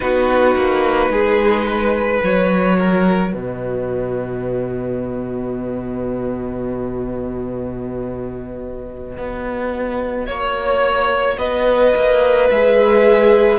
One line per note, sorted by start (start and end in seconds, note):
0.00 0.55 B3
0.00 2.20 D#4
0.00 1.11 F#4
0.00 2.21 B4
0.55 1.09 A#3
1.09 2.20 G#3
1.09 1.66 G#4
1.66 2.77 B4
2.20 3.34 F#3
2.20 12.48 F#4
2.20 3.33 C#5
2.77 3.31 A#4
3.31 9.17 B2
3.31 10.26 B4
3.31 10.26 D#5
9.17 10.28 B3
10.26 11.37 A#3
10.26 11.37 C#5
10.26 11.38 C#5
11.37 11.93 B3
11.37 13.58 B4
11.37 12.49 D#5
11.95 12.49 A#3
12.49 13.58 G#3
12.49 13.58 G#4
12.49 13.58 E5